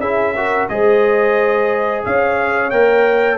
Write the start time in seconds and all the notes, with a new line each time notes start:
0.00 C#4 E4 G#4 E5
0.36 F#4 A#4
0.68 G#3 G#4 C5 D#5
2.05 C#4 C#5 F5
2.70 A#3 A#4 G5